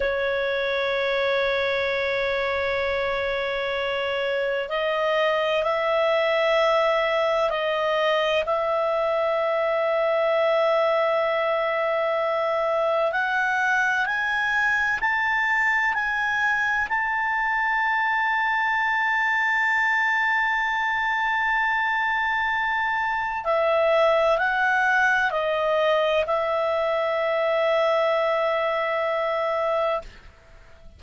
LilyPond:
\new Staff \with { instrumentName = "clarinet" } { \time 4/4 \tempo 4 = 64 cis''1~ | cis''4 dis''4 e''2 | dis''4 e''2.~ | e''2 fis''4 gis''4 |
a''4 gis''4 a''2~ | a''1~ | a''4 e''4 fis''4 dis''4 | e''1 | }